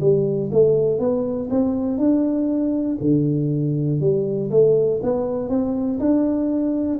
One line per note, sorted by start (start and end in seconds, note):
0.00 0.50 G3
0.52 0.99 A3
0.99 1.49 B3
1.50 1.98 C4
1.98 2.98 D4
3.01 4.00 D3
4.00 4.50 G3
4.51 5.01 A3
5.03 5.49 B3
5.49 5.99 C4
6.00 7.00 D4